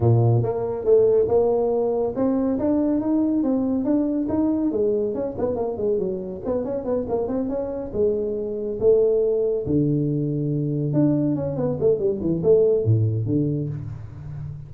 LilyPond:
\new Staff \with { instrumentName = "tuba" } { \time 4/4 \tempo 4 = 140 ais,4 ais4 a4 ais4~ | ais4 c'4 d'4 dis'4 | c'4 d'4 dis'4 gis4 | cis'8 b8 ais8 gis8 fis4 b8 cis'8 |
b8 ais8 c'8 cis'4 gis4.~ | gis8 a2 d4.~ | d4. d'4 cis'8 b8 a8 | g8 e8 a4 a,4 d4 | }